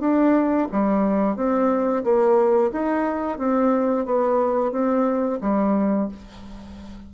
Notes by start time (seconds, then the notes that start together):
0.00 D4
0.72 G3
1.36 C4
2.04 A#3
2.72 D#4
3.39 C4
4.05 B3
4.72 C4
5.41 G3